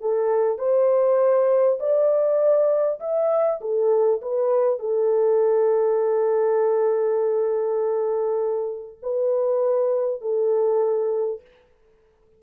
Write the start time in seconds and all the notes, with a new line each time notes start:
0.00 A4
0.58 C5
1.79 D5
3.00 E5
3.61 A4
4.21 B4
4.79 A4
9.02 B4
10.21 A4